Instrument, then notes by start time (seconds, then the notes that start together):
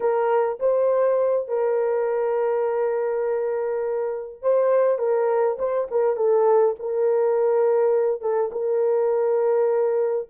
horn
0.00 A#4
0.59 C5
1.48 A#4
4.41 C5
4.98 A#4
5.58 C5
5.91 A#4
6.16 A4
6.79 A#4
8.21 A4
8.52 A#4